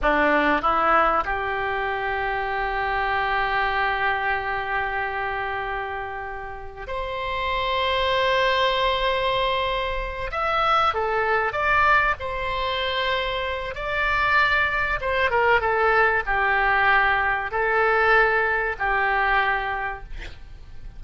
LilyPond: \new Staff \with { instrumentName = "oboe" } { \time 4/4 \tempo 4 = 96 d'4 e'4 g'2~ | g'1~ | g'2. c''4~ | c''1~ |
c''8 e''4 a'4 d''4 c''8~ | c''2 d''2 | c''8 ais'8 a'4 g'2 | a'2 g'2 | }